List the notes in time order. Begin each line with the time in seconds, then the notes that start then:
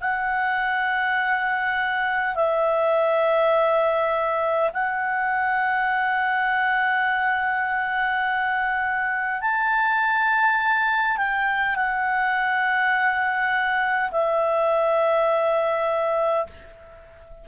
0.00 F#5
2.35 E5
4.73 F#5
9.41 A5
11.17 G5
11.75 F#5
14.11 E5